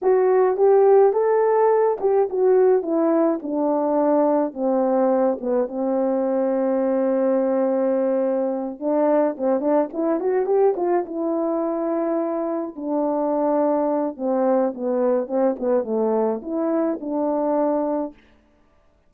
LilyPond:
\new Staff \with { instrumentName = "horn" } { \time 4/4 \tempo 4 = 106 fis'4 g'4 a'4. g'8 | fis'4 e'4 d'2 | c'4. b8 c'2~ | c'2.~ c'8 d'8~ |
d'8 c'8 d'8 e'8 fis'8 g'8 f'8 e'8~ | e'2~ e'8 d'4.~ | d'4 c'4 b4 c'8 b8 | a4 e'4 d'2 | }